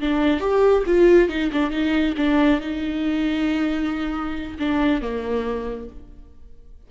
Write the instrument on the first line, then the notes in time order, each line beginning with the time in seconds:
viola
0.00 D4
0.40 G4
0.86 F4
1.29 D#4
1.52 D4
1.71 D#4
2.17 D4
2.61 D#4
4.59 D4
5.01 A#3